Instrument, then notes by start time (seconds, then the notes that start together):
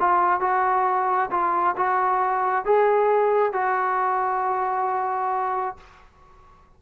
trombone
0.00 F4
0.41 F#4
1.31 F4
1.77 F#4
2.65 G#4
3.53 F#4